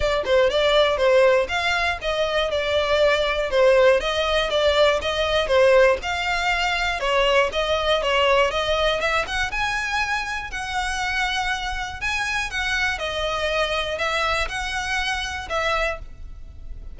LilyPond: \new Staff \with { instrumentName = "violin" } { \time 4/4 \tempo 4 = 120 d''8 c''8 d''4 c''4 f''4 | dis''4 d''2 c''4 | dis''4 d''4 dis''4 c''4 | f''2 cis''4 dis''4 |
cis''4 dis''4 e''8 fis''8 gis''4~ | gis''4 fis''2. | gis''4 fis''4 dis''2 | e''4 fis''2 e''4 | }